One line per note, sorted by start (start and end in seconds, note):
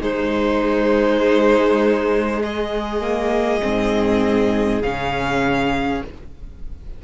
0.00 3.00 G#3
0.00 3.61 G#3
0.00 2.43 D#4
0.00 2.42 C5
2.43 6.03 G#4
2.43 4.82 D#5
3.00 3.60 A#3
3.62 4.82 G#2
3.62 4.82 C4
4.82 6.02 C#3
4.82 6.04 C#4
4.82 6.02 F5